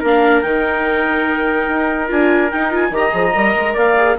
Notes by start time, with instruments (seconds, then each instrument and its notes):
0.00 bassoon A#3, viola D4, trumpet A#4, clarinet F5
0.42 bassoon D#3, viola D#4, clarinet G5
1.68 bassoon D#4
2.08 bassoon D4, viola F4, clarinet G#5
2.51 viola D#4, bassoon D#4, clarinet G5
2.71 viola F4, clarinet G#5
2.90 bassoon D#3, viola G4, clarinet A#5
2.97 trumpet D#5
3.11 bassoon F3, viola G#4
3.34 bassoon G3, viola A#4
3.55 bassoon G#3
3.74 bassoon A#3, trumpet D5, clarinet F5
3.97 viola G#4